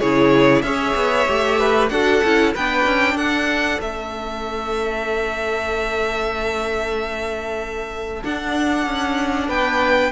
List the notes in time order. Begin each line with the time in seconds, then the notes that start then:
0.00 C#3 E4 G#4 C#5
0.62 C#4 G#4 C#5 E5
0.95 B3
1.27 A3 G4
1.59 B4
1.89 D4 F#4 A4 F#5
2.24 C#4 E4
2.54 B3 D4 B4 G5
2.86 C#4
3.15 D4 A4 F#5
3.81 A3 C#4 E5
8.23 D4 F#5
8.86 C#4
9.48 B3 B4 G5